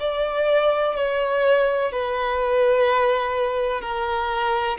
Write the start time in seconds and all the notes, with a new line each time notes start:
0.00 D5
0.96 C#5
1.92 B4
3.81 A#4